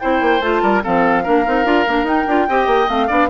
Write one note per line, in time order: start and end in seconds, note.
0.00 0.21 C4
0.00 0.42 E4
0.00 0.63 C5
0.00 0.41 G5
0.21 0.41 A#3
0.41 0.61 A3
0.41 0.83 F4
0.41 0.82 A5
0.62 0.83 G3
0.62 0.83 A#4
0.83 1.27 F3
0.83 1.24 C4
0.83 1.23 A4
0.83 2.07 F5
1.23 1.47 A#3
1.23 1.45 D4
1.23 2.47 A#4
1.46 1.65 C4
1.46 1.65 D#4
1.65 1.86 D4
1.65 1.85 F4
1.88 2.04 A#3
1.88 2.05 D4
2.04 2.24 D#4
2.04 2.26 D#4
2.04 2.89 G5
2.28 2.48 D4
2.28 2.49 F4
2.49 2.67 C4
2.49 2.88 G4
2.49 3.07 D#5
2.67 2.87 A#3
2.88 3.10 A3
2.88 3.08 C4
2.88 3.30 F5
3.07 3.30 B3
3.07 3.29 D4
3.07 3.28 D5